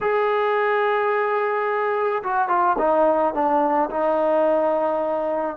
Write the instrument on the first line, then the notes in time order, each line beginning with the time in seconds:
trombone
0.00 G#4
2.23 F#4
2.48 F4
2.78 D#4
3.34 D4
3.90 D#4